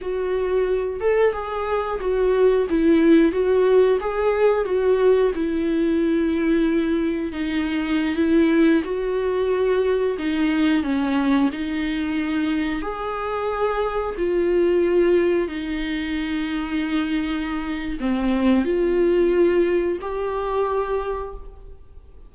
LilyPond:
\new Staff \with { instrumentName = "viola" } { \time 4/4 \tempo 4 = 90 fis'4. a'8 gis'4 fis'4 | e'4 fis'4 gis'4 fis'4 | e'2. dis'4~ | dis'16 e'4 fis'2 dis'8.~ |
dis'16 cis'4 dis'2 gis'8.~ | gis'4~ gis'16 f'2 dis'8.~ | dis'2. c'4 | f'2 g'2 | }